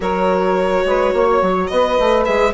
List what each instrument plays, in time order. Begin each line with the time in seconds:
0.00 bassoon F#3, viola F#4, saxophone A#4, violin C#5
0.85 bassoon G#3, saxophone B4
1.13 bassoon A#3, saxophone C#5
1.41 bassoon F#3
1.67 bassoon B3, saxophone B4, violin D#5
1.99 bassoon A3, viola B4
2.24 bassoon G#3, viola G#4, violin E5